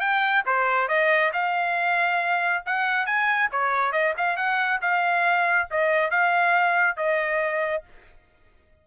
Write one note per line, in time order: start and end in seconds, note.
0.00 0.43 G5
0.45 0.88 C5
0.88 1.32 D#5
1.33 2.63 F5
2.66 3.06 F#5
3.06 3.49 G#5
3.51 3.92 C#5
3.92 4.14 D#5
4.17 4.37 F5
4.37 4.80 F#5
4.81 5.68 F5
5.71 6.10 D#5
6.10 6.96 F5
6.96 7.83 D#5